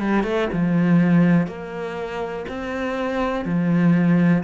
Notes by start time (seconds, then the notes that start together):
0.00 G3
0.24 A3
0.53 F3
1.48 A#3
2.49 C4
3.45 F3